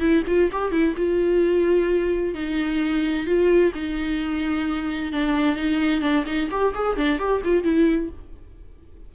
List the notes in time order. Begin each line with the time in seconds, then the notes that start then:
0.00 E4
0.27 F4
0.52 G4
0.72 E4
0.97 F4
2.35 D#4
3.27 F4
3.74 D#4
5.13 D4
5.56 D#4
6.01 D4
6.26 D#4
6.51 G4
6.75 G#4
6.97 D4
7.19 G4
7.44 F4
7.64 E4